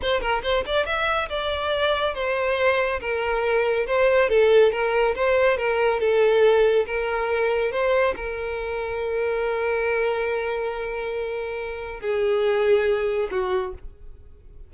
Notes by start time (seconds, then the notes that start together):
0.02 C5
0.20 A#4
0.43 C5
0.65 D5
0.86 E5
1.29 D5
2.14 C5
3.00 A#4
3.86 C5
4.29 A4
4.71 A#4
5.15 C5
5.57 A#4
5.99 A4
6.86 A#4
7.71 C5
8.16 A#4
12.00 G#4
13.30 F#4